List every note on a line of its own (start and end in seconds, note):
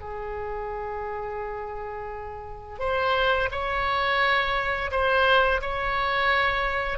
0.00 2.79 G#4
2.79 3.49 C5
3.51 4.91 C#5
4.91 5.61 C5
5.61 6.98 C#5